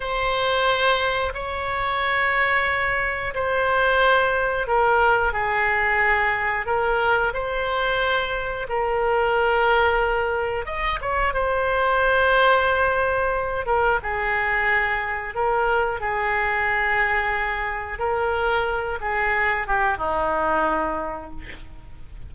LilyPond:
\new Staff \with { instrumentName = "oboe" } { \time 4/4 \tempo 4 = 90 c''2 cis''2~ | cis''4 c''2 ais'4 | gis'2 ais'4 c''4~ | c''4 ais'2. |
dis''8 cis''8 c''2.~ | c''8 ais'8 gis'2 ais'4 | gis'2. ais'4~ | ais'8 gis'4 g'8 dis'2 | }